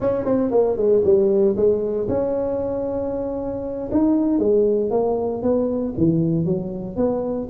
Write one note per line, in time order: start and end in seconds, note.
0.00 0.24 C#4
0.24 0.50 C4
0.51 0.76 A#3
0.76 1.02 G#3
1.04 1.56 G3
1.56 2.08 G#3
2.08 3.89 C#4
3.91 4.38 D#4
4.38 4.90 G#3
4.90 5.42 A#3
5.42 5.94 B3
5.97 6.45 E3
6.45 6.96 F#3
6.96 7.48 B3